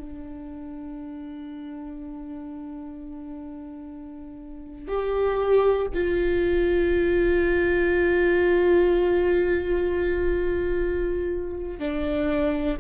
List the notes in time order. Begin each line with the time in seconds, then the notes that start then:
0.00 D4
4.89 G4
5.95 F4
11.79 D4